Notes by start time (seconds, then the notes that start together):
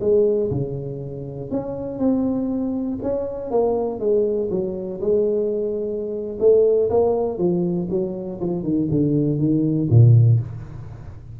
0.00 G#3
0.51 C#3
1.51 C#4
1.98 C4
3.02 C#4
3.51 A#3
4.00 G#3
4.50 F#3
5.00 G#3
6.40 A3
6.90 A#3
7.38 F3
7.90 F#3
8.40 F3
8.63 D#3
8.90 D3
9.39 D#3
9.90 A#2